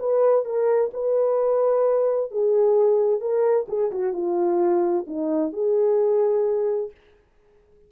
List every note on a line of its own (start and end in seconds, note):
0.00 0.45 B4
0.45 0.91 A#4
0.94 2.31 B4
2.31 3.21 G#4
3.21 3.67 A#4
3.69 3.92 G#4
3.92 4.13 F#4
4.13 5.06 F4
5.07 5.53 D#4
5.53 6.91 G#4